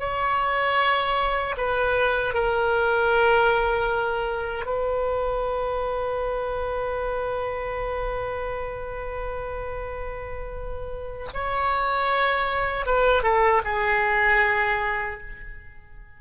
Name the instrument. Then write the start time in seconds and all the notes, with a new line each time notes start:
oboe
0.00 C#5
1.57 B4
2.34 A#4
4.66 B4
11.34 C#5
12.86 B4
13.23 A4
13.65 G#4